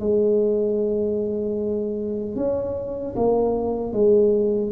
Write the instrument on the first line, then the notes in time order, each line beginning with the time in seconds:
tuba
0.00 G#3
2.36 C#4
3.16 A#3
3.93 G#3